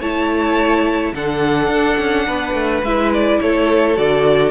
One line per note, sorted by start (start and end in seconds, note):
0.00 1.12 A3
0.00 1.15 E4
0.00 1.13 C#5
0.00 1.14 A5
1.12 1.68 D3
1.12 2.84 D4
1.12 2.27 A4
1.12 2.84 F#5
1.68 1.96 D4
1.99 2.27 C#4
2.27 2.54 B3
2.27 3.40 B4
2.54 2.82 A3
2.82 3.39 G#3
2.82 3.96 E4
2.82 3.12 E5
3.13 3.41 D5
3.41 3.97 A3
3.41 4.51 A4
3.41 3.96 C#5
3.96 4.51 D3
3.96 4.51 F#4
3.96 4.51 D5